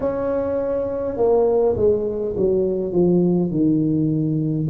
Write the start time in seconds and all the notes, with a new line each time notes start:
0.00 C#4
1.17 A#3
1.76 G#3
2.36 F#3
2.92 F3
3.50 D#3